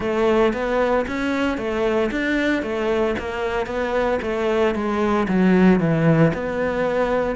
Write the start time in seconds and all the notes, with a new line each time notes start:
0.00 A3
0.53 B3
1.07 C#4
1.57 A3
2.11 D4
2.62 A3
3.18 A#3
3.66 B3
4.22 A3
4.74 G#3
5.28 F#3
5.79 E3
6.33 B3